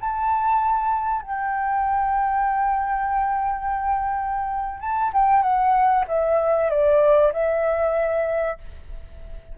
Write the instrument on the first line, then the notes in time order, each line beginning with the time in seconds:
flute
0.00 A5
1.22 G5
4.80 A5
5.13 G5
5.42 F#5
6.07 E5
6.69 D5
7.32 E5